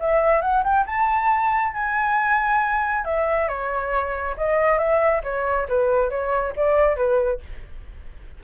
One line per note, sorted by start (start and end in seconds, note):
0.00 0.42 E5
0.42 0.64 F#5
0.64 0.86 G5
0.87 1.74 A5
1.74 3.05 G#5
3.05 3.49 E5
3.49 4.36 C#5
4.37 4.79 D#5
4.79 5.22 E5
5.24 5.68 C#5
5.69 6.10 B4
6.10 6.54 C#5
6.57 6.97 D5
6.97 7.41 B4